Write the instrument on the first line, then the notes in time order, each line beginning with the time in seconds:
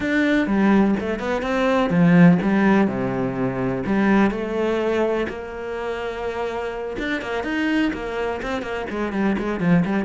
cello
0.00 D4
0.46 G3
0.99 A3
1.19 B3
1.42 C4
1.90 F3
2.41 G3
2.87 C3
3.85 G3
4.30 A3
5.28 A#3
6.98 D4
7.21 A#3
7.43 D#4
7.93 A#3
8.42 C4
8.62 A#3
8.90 G#3
9.12 G3
9.38 G#3
9.60 F3
9.85 G3